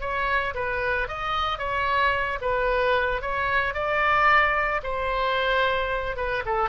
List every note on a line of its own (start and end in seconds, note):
0.00 0.54 C#5
0.54 1.08 B4
1.08 1.58 D#5
1.58 2.38 C#5
2.41 3.21 B4
3.21 3.74 C#5
3.74 4.81 D5
4.83 6.16 C5
6.16 6.43 B4
6.45 6.69 A4